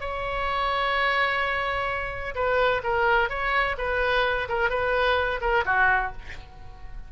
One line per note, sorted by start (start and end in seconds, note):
0.00 2.34 C#5
2.35 2.82 B4
2.83 3.29 A#4
3.29 3.76 C#5
3.78 4.48 B4
4.49 4.70 A#4
4.70 5.40 B4
5.41 5.64 A#4
5.65 6.12 F#4